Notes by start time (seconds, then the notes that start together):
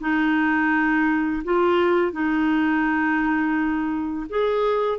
0.00 D#4
1.44 F4
2.12 D#4
4.29 G#4